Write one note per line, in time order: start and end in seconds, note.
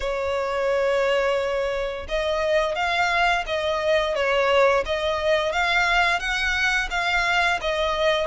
0.00 2.06 C#5
2.08 2.75 D#5
2.75 3.44 F5
3.46 4.15 D#5
4.15 4.84 C#5
4.85 5.52 D#5
5.52 6.19 F5
6.19 6.88 F#5
6.90 7.59 F5
7.61 8.26 D#5